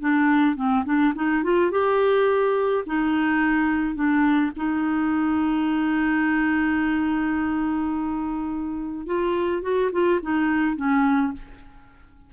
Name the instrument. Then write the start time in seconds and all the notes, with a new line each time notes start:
clarinet
0.00 D4
0.56 C4
0.85 D4
1.15 D#4
1.43 F4
1.71 G4
2.86 D#4
3.95 D4
4.56 D#4
9.06 F4
9.62 F#4
9.92 F4
10.22 D#4
10.76 C#4